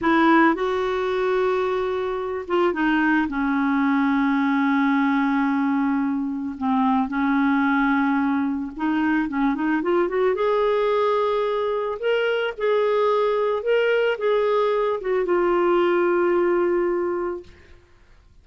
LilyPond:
\new Staff \with { instrumentName = "clarinet" } { \time 4/4 \tempo 4 = 110 e'4 fis'2.~ | fis'8 f'8 dis'4 cis'2~ | cis'1 | c'4 cis'2. |
dis'4 cis'8 dis'8 f'8 fis'8 gis'4~ | gis'2 ais'4 gis'4~ | gis'4 ais'4 gis'4. fis'8 | f'1 | }